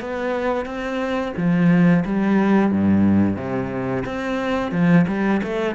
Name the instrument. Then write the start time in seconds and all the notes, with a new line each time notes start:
cello
0.00 B3
0.65 C4
1.36 F3
2.05 G3
2.71 G2
3.36 C3
4.05 C4
4.72 F3
5.07 G3
5.43 A3